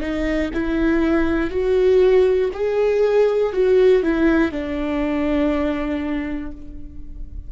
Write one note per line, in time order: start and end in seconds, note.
0.00 0.50 D#4
0.53 1.50 E4
1.50 2.50 F#4
2.53 3.53 G#4
3.53 4.03 F#4
4.03 4.51 E4
4.51 6.51 D4